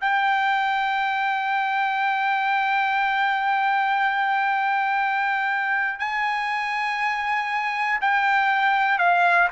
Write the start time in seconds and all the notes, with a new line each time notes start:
0.00 G5
5.99 G#5
8.00 G5
8.98 F5